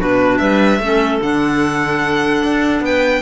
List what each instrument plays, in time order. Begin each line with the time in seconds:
0.00 cello B2, clarinet D4 F#4, violin B4
0.38 cello G3, clarinet B4, violin E5
0.80 cello A3, clarinet C#4 A4
1.22 cello D3, clarinet D4, violin F#5
2.44 cello D4
2.81 cello B3, clarinet B4, violin G5